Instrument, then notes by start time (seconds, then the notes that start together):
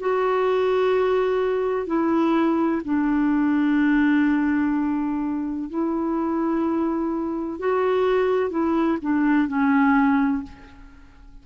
clarinet
0.00 F#4
1.87 E4
2.85 D4
5.69 E4
7.59 F#4
8.50 E4
9.02 D4
9.48 C#4